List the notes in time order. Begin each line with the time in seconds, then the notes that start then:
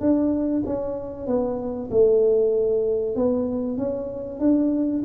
0.00 D4
0.65 C#4
1.26 B3
1.91 A3
3.15 B3
3.77 C#4
4.39 D4